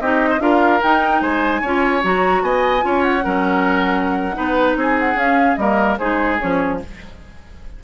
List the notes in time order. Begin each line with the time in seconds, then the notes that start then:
0.00 C4 D#4 G4 D#5
0.30 C5
0.39 D4 F4 A#4 F5
0.82 D#4 G5
1.21 G#3 C5 G#5
1.61 C#4 F4 C#5
2.02 F#3 F#4 A#5
2.42 B3 D#5 G#5
2.81 C#4 F4 C#5
3.03 F#5
3.24 F#3 C#4 A#4
4.34 B3 D#4 B4
4.76 C4 G#4 G#5
4.99 F#5
5.15 C#4 F5
5.56 G3 A#3 A#4 D#5
5.98 G#3 D#4 G#4 C5
6.39 F3 C#4 C#5